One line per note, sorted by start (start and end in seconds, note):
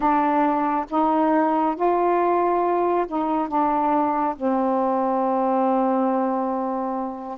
0.00 0.85 D4
0.89 1.75 D#4
1.75 3.06 F4
3.07 3.48 D#4
3.48 4.35 D4
4.36 7.38 C4